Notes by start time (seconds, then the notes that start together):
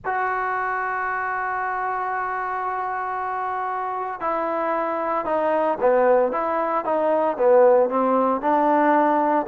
0.05 F#4
4.20 E4
5.25 D#4
5.80 B3
6.32 E4
6.84 D#4
7.37 B3
7.89 C4
8.41 D4